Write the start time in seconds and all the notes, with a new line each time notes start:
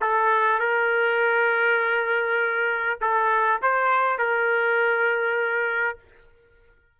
0.00 A4
0.59 A#4
3.00 A4
3.62 C5
4.18 A#4